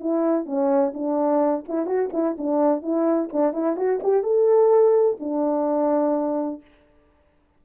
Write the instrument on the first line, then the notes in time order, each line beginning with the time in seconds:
horn
0.00 E4
0.46 C#4
0.94 D4
1.68 E4
1.86 F#4
2.13 E4
2.38 D4
2.82 E4
3.32 D4
3.53 E4
3.76 F#4
4.03 G4
4.23 A4
5.19 D4